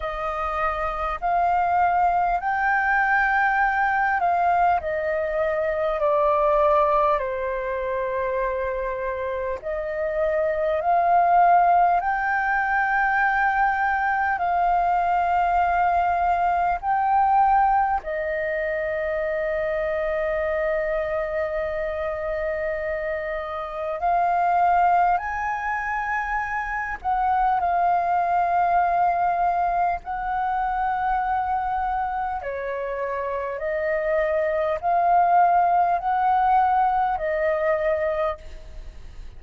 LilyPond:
\new Staff \with { instrumentName = "flute" } { \time 4/4 \tempo 4 = 50 dis''4 f''4 g''4. f''8 | dis''4 d''4 c''2 | dis''4 f''4 g''2 | f''2 g''4 dis''4~ |
dis''1 | f''4 gis''4. fis''8 f''4~ | f''4 fis''2 cis''4 | dis''4 f''4 fis''4 dis''4 | }